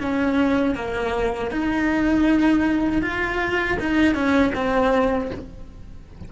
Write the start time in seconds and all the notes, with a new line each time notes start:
0.00 C#4
0.75 A#3
1.51 D#4
3.02 F4
3.80 D#4
4.14 C#4
4.54 C4